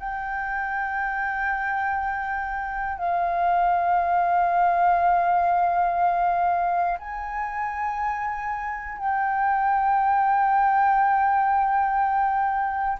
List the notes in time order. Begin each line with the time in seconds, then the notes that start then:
0.00 G5
2.99 F5
6.99 G#5
8.98 G5